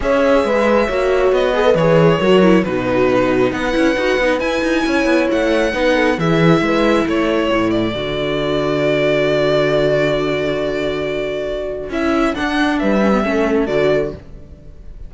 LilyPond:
<<
  \new Staff \with { instrumentName = "violin" } { \time 4/4 \tempo 4 = 136 e''2. dis''4 | cis''2 b'2 | fis''2 gis''2 | fis''2 e''2 |
cis''4. d''2~ d''8~ | d''1~ | d''2. e''4 | fis''4 e''2 d''4 | }
  \new Staff \with { instrumentName = "horn" } { \time 4/4 cis''4 b'4 cis''4. b'8~ | b'4 ais'4 fis'2 | b'2. cis''4~ | cis''4 b'8 a'8 gis'4 b'4 |
a'1~ | a'1~ | a'1~ | a'4 b'4 a'2 | }
  \new Staff \with { instrumentName = "viola" } { \time 4/4 gis'2 fis'4. gis'16 a'16 | gis'4 fis'8 e'8 dis'2~ | dis'8 e'8 fis'8 dis'8 e'2~ | e'4 dis'4 e'2~ |
e'2 fis'2~ | fis'1~ | fis'2. e'4 | d'4. cis'16 b16 cis'4 fis'4 | }
  \new Staff \with { instrumentName = "cello" } { \time 4/4 cis'4 gis4 ais4 b4 | e4 fis4 b,2 | b8 cis'8 dis'8 b8 e'8 dis'8 cis'8 b8 | a4 b4 e4 gis4 |
a4 a,4 d2~ | d1~ | d2. cis'4 | d'4 g4 a4 d4 | }
>>